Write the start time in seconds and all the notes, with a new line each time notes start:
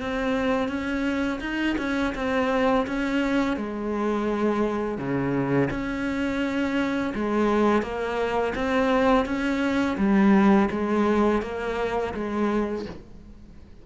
0.00 C4
0.68 C#4
1.40 D#4
1.78 C#4
2.15 C4
2.86 C#4
3.56 G#3
4.97 C#3
5.70 C#4
7.14 G#3
7.82 A#3
8.55 C4
9.25 C#4
9.97 G3
10.70 G#3
11.42 A#3
12.14 G#3